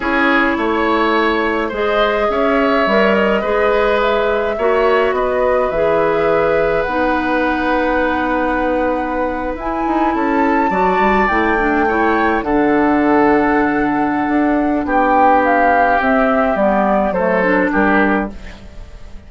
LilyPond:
<<
  \new Staff \with { instrumentName = "flute" } { \time 4/4 \tempo 4 = 105 cis''2. dis''4 | e''4. dis''4. e''4~ | e''4 dis''4 e''2 | fis''1~ |
fis''8. gis''4 a''2 g''16~ | g''4.~ g''16 fis''2~ fis''16~ | fis''2 g''4 f''4 | e''4 d''4 c''4 ais'4 | }
  \new Staff \with { instrumentName = "oboe" } { \time 4/4 gis'4 cis''2 c''4 | cis''2 b'2 | cis''4 b'2.~ | b'1~ |
b'4.~ b'16 a'4 d''4~ d''16~ | d''8. cis''4 a'2~ a'16~ | a'2 g'2~ | g'2 a'4 g'4 | }
  \new Staff \with { instrumentName = "clarinet" } { \time 4/4 e'2. gis'4~ | gis'4 ais'4 gis'2 | fis'2 gis'2 | dis'1~ |
dis'8. e'2 fis'4 e'16~ | e'16 d'8 e'4 d'2~ d'16~ | d'1 | c'4 b4 a8 d'4. | }
  \new Staff \with { instrumentName = "bassoon" } { \time 4/4 cis'4 a2 gis4 | cis'4 g4 gis2 | ais4 b4 e2 | b1~ |
b8. e'8 dis'8 cis'4 fis8 g8 a16~ | a4.~ a16 d2~ d16~ | d4 d'4 b2 | c'4 g4 fis4 g4 | }
>>